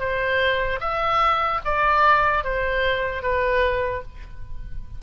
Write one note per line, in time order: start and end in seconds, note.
0.00 0.80 C5
0.80 1.60 E5
1.65 2.44 D5
2.44 3.23 C5
3.23 4.03 B4